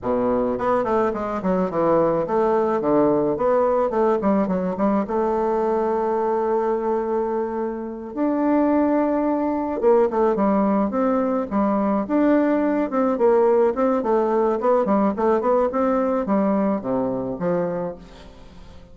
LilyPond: \new Staff \with { instrumentName = "bassoon" } { \time 4/4 \tempo 4 = 107 b,4 b8 a8 gis8 fis8 e4 | a4 d4 b4 a8 g8 | fis8 g8 a2.~ | a2~ a8 d'4.~ |
d'4. ais8 a8 g4 c'8~ | c'8 g4 d'4. c'8 ais8~ | ais8 c'8 a4 b8 g8 a8 b8 | c'4 g4 c4 f4 | }